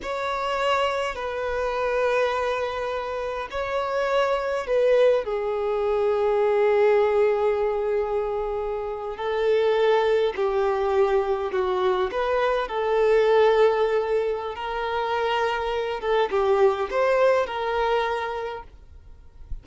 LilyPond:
\new Staff \with { instrumentName = "violin" } { \time 4/4 \tempo 4 = 103 cis''2 b'2~ | b'2 cis''2 | b'4 gis'2.~ | gis'2.~ gis'8. a'16~ |
a'4.~ a'16 g'2 fis'16~ | fis'8. b'4 a'2~ a'16~ | a'4 ais'2~ ais'8 a'8 | g'4 c''4 ais'2 | }